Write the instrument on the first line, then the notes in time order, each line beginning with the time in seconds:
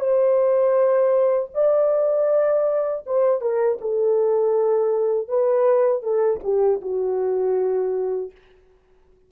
horn
0.00 C5
1.55 D5
3.07 C5
3.41 A#4
3.81 A4
5.29 B4
6.03 A4
6.44 G4
6.82 F#4